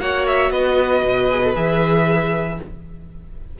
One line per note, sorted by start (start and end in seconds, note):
0.00 0.51 A#3
0.00 1.29 F#4
0.00 0.52 C#5
0.00 0.26 F#5
0.27 0.52 E5
0.51 1.03 B3
0.51 2.59 B4
0.51 1.55 D#5
1.03 1.55 B2
1.30 1.43 G#4
1.43 1.54 A4
1.54 2.59 E3
1.54 2.58 G#4
1.54 2.59 E5